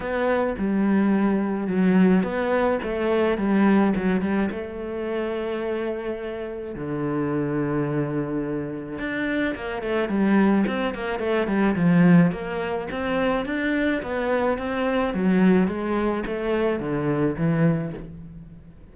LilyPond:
\new Staff \with { instrumentName = "cello" } { \time 4/4 \tempo 4 = 107 b4 g2 fis4 | b4 a4 g4 fis8 g8 | a1 | d1 |
d'4 ais8 a8 g4 c'8 ais8 | a8 g8 f4 ais4 c'4 | d'4 b4 c'4 fis4 | gis4 a4 d4 e4 | }